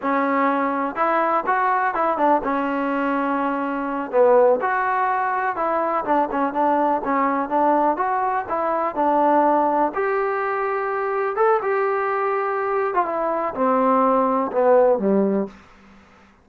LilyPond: \new Staff \with { instrumentName = "trombone" } { \time 4/4 \tempo 4 = 124 cis'2 e'4 fis'4 | e'8 d'8 cis'2.~ | cis'8 b4 fis'2 e'8~ | e'8 d'8 cis'8 d'4 cis'4 d'8~ |
d'8 fis'4 e'4 d'4.~ | d'8 g'2. a'8 | g'2~ g'8. f'16 e'4 | c'2 b4 g4 | }